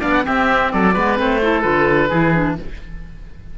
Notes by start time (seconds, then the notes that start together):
0.00 B3 D4 D5 F5
0.14 F#5
0.23 C4 G4 E5
0.72 F#3 A4 D5
0.94 G#3 B3 B4
1.17 A3 C4 C5
1.42 E4 A4
1.62 D3 F4 B4
2.09 E3 E4 G#4
2.33 D4